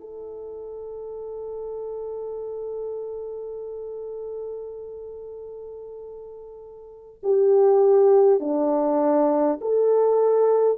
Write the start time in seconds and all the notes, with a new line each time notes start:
0.00 A4
7.23 G4
8.39 D4
9.61 A4